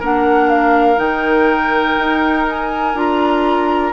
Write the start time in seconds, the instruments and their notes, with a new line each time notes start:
0.00 bassoon A#3, clarinet D4, oboe A#4, flute F#5
0.50 flute F5
0.96 bassoon D#3, clarinet D#4, flute G5
1.98 bassoon D#4
2.49 flute G#5
2.94 bassoon D4, clarinet F4, flute A#5